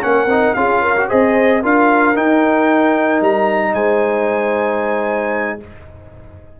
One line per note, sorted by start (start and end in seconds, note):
0.00 0.25 A#3
0.00 0.27 C#4
0.00 0.57 A#4
0.00 0.53 F#5
0.25 0.52 C4
0.25 0.56 D#4
0.53 1.08 C#4
0.53 0.96 F4
0.53 0.81 G#4
0.53 1.06 F5
0.81 1.08 A#4
0.97 1.08 F#4
1.08 1.63 C4
1.08 1.62 G#4
1.08 1.61 C5
1.08 1.62 D#5
1.61 2.16 D4
1.61 2.15 F4
1.61 3.73 A#4
1.61 2.16 F5
2.15 5.60 D#4
2.15 3.21 D#4
2.15 3.22 G5
3.21 3.73 G3
3.21 3.74 A#5
3.73 5.59 G#3
3.73 5.59 C5
3.73 5.60 G#5